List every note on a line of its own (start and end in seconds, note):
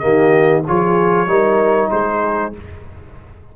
0.00 0.67 D#3
0.00 0.64 A#3
0.00 0.66 G4
0.00 0.62 D#5
0.67 1.27 F3
0.67 1.28 F4
0.67 1.29 G#4
0.67 1.91 C#5
1.27 1.90 G3
1.27 2.53 D#4
1.27 1.92 A#4
1.91 2.54 G#3
1.91 2.57 G#4
1.91 2.53 C5